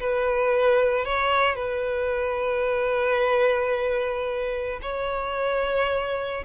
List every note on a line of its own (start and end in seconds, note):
0.00 1.05 B4
1.05 1.56 C#5
1.56 4.80 B4
4.82 6.44 C#5